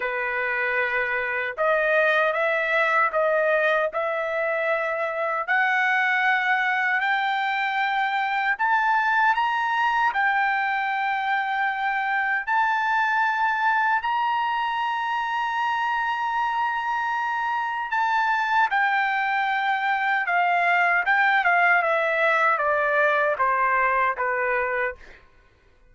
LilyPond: \new Staff \with { instrumentName = "trumpet" } { \time 4/4 \tempo 4 = 77 b'2 dis''4 e''4 | dis''4 e''2 fis''4~ | fis''4 g''2 a''4 | ais''4 g''2. |
a''2 ais''2~ | ais''2. a''4 | g''2 f''4 g''8 f''8 | e''4 d''4 c''4 b'4 | }